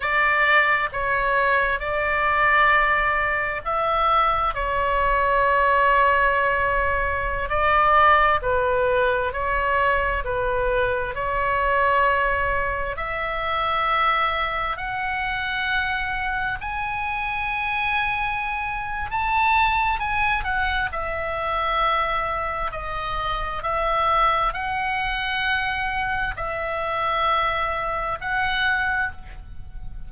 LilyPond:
\new Staff \with { instrumentName = "oboe" } { \time 4/4 \tempo 4 = 66 d''4 cis''4 d''2 | e''4 cis''2.~ | cis''16 d''4 b'4 cis''4 b'8.~ | b'16 cis''2 e''4.~ e''16~ |
e''16 fis''2 gis''4.~ gis''16~ | gis''4 a''4 gis''8 fis''8 e''4~ | e''4 dis''4 e''4 fis''4~ | fis''4 e''2 fis''4 | }